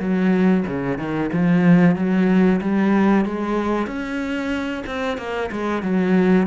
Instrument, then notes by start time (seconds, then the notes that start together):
cello
0.00 F#3
0.67 C#3
0.98 D#3
1.33 F3
1.96 F#3
2.62 G3
3.26 G#3
3.87 C#4
4.87 C4
5.18 A#3
5.52 G#3
5.83 F#3